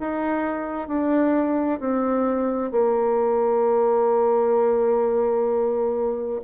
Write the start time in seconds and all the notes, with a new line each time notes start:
0.00 D#4
0.88 D4
1.80 C4
2.71 A#3